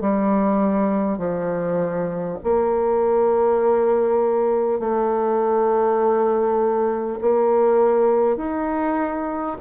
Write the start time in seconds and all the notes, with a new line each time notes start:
0.00 G3
1.18 F3
2.43 A#3
4.79 A3
7.21 A#3
8.36 D#4